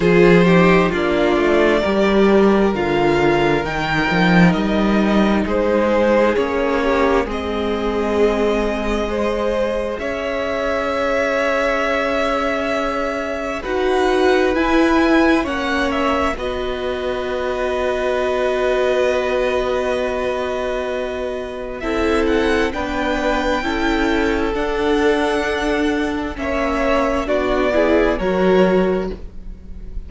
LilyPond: <<
  \new Staff \with { instrumentName = "violin" } { \time 4/4 \tempo 4 = 66 c''4 d''2 f''4 | g''4 dis''4 c''4 cis''4 | dis''2. e''4~ | e''2. fis''4 |
gis''4 fis''8 e''8 dis''2~ | dis''1 | e''8 fis''8 g''2 fis''4~ | fis''4 e''4 d''4 cis''4 | }
  \new Staff \with { instrumentName = "violin" } { \time 4/4 gis'8 g'8 f'4 ais'2~ | ais'2 gis'4. g'8 | gis'2 c''4 cis''4~ | cis''2. b'4~ |
b'4 cis''4 b'2~ | b'1 | a'4 b'4 a'2~ | a'4 cis''4 fis'8 gis'8 ais'4 | }
  \new Staff \with { instrumentName = "viola" } { \time 4/4 f'8 dis'8 d'4 g'4 f'4 | dis'2. cis'4 | c'2 gis'2~ | gis'2. fis'4 |
e'4 cis'4 fis'2~ | fis'1 | e'4 d'4 e'4 d'4~ | d'4 cis'4 d'8 e'8 fis'4 | }
  \new Staff \with { instrumentName = "cello" } { \time 4/4 f4 ais8 a8 g4 d4 | dis8 f8 g4 gis4 ais4 | gis2. cis'4~ | cis'2. dis'4 |
e'4 ais4 b2~ | b1 | c'4 b4 cis'4 d'4~ | d'4 ais4 b4 fis4 | }
>>